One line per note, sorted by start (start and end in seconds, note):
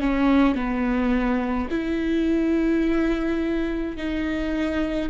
0.00 0.55 C#4
0.55 1.68 B3
1.70 3.97 E4
3.97 5.09 D#4